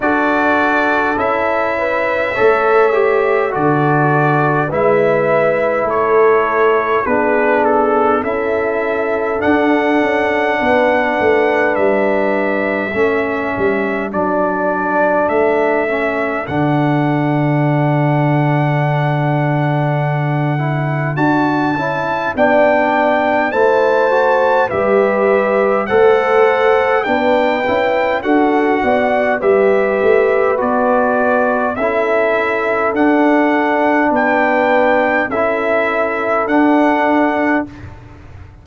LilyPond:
<<
  \new Staff \with { instrumentName = "trumpet" } { \time 4/4 \tempo 4 = 51 d''4 e''2 d''4 | e''4 cis''4 b'8 a'8 e''4 | fis''2 e''2 | d''4 e''4 fis''2~ |
fis''2 a''4 g''4 | a''4 e''4 fis''4 g''4 | fis''4 e''4 d''4 e''4 | fis''4 g''4 e''4 fis''4 | }
  \new Staff \with { instrumentName = "horn" } { \time 4/4 a'4. b'8 cis''4 a'4 | b'4 a'4 gis'4 a'4~ | a'4 b'2 a'4~ | a'1~ |
a'2. d''4 | c''4 b'4 c''4 b'4 | a'8 d''8 b'2 a'4~ | a'4 b'4 a'2 | }
  \new Staff \with { instrumentName = "trombone" } { \time 4/4 fis'4 e'4 a'8 g'8 fis'4 | e'2 d'4 e'4 | d'2. cis'4 | d'4. cis'8 d'2~ |
d'4. e'8 fis'8 e'8 d'4 | e'8 fis'8 g'4 a'4 d'8 e'8 | fis'4 g'4 fis'4 e'4 | d'2 e'4 d'4 | }
  \new Staff \with { instrumentName = "tuba" } { \time 4/4 d'4 cis'4 a4 d4 | gis4 a4 b4 cis'4 | d'8 cis'8 b8 a8 g4 a8 g8 | fis4 a4 d2~ |
d2 d'8 cis'8 b4 | a4 g4 a4 b8 cis'8 | d'8 b8 g8 a8 b4 cis'4 | d'4 b4 cis'4 d'4 | }
>>